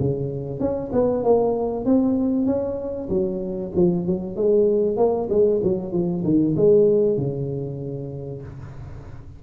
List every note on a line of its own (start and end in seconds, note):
0.00 0.60 C#3
0.60 0.91 C#4
0.93 1.24 B3
1.24 1.86 A#3
1.86 2.46 C4
2.46 3.09 C#4
3.10 3.72 F#3
3.76 4.07 F3
4.07 4.36 F#3
4.36 4.97 G#3
4.97 5.28 A#3
5.30 5.61 G#3
5.63 5.93 F#3
5.93 6.24 F3
6.24 6.55 D#3
6.57 7.17 G#3
7.17 8.42 C#3